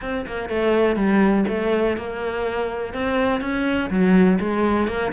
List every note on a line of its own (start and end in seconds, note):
0.01 0.25 C4
0.26 0.49 A#3
0.49 0.95 A3
0.95 1.44 G3
1.48 1.97 A3
1.97 2.93 A#3
2.93 3.40 C4
3.40 3.89 C#4
3.89 4.38 F#3
4.39 4.87 G#3
4.87 5.12 A#3